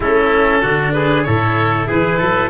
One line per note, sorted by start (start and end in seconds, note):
0.00 0.61 A3
0.00 0.63 C#4
0.00 0.61 E4
0.00 0.93 A4
0.61 1.26 D3
0.61 1.25 D4
0.61 0.92 F#4
0.93 1.26 G#4
0.93 1.23 B4
1.23 1.89 A2
1.23 2.49 E4
1.23 1.87 A4
1.23 1.85 C#5
1.87 2.21 E3
1.87 2.18 G#4
1.87 2.49 B4
2.18 2.49 F#3
2.18 2.49 A4